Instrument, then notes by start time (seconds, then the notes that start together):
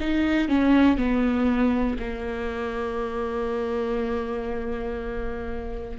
viola
0.00 D#4
0.48 C#4
0.97 B3
1.99 A#3